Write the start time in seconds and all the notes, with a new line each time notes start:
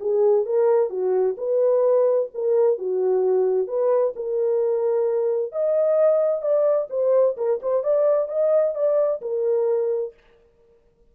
0.00 G#4
0.46 A#4
0.90 F#4
1.37 B4
2.34 A#4
2.78 F#4
3.68 B4
4.16 A#4
5.52 D#5
6.42 D5
6.90 C5
7.37 A#4
7.62 C5
7.84 D5
8.28 D#5
8.75 D5
9.22 A#4